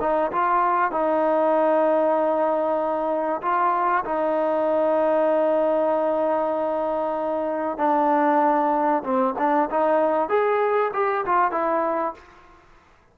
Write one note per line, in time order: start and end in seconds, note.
0.00 0.31 D#4
0.32 0.91 F4
0.91 3.41 D#4
3.42 4.04 F4
4.05 7.78 D#4
7.78 9.03 D4
9.03 9.34 C4
9.38 9.69 D4
9.70 10.29 D#4
10.29 10.91 G#4
10.93 11.25 G4
11.25 11.51 F4
11.51 12.14 E4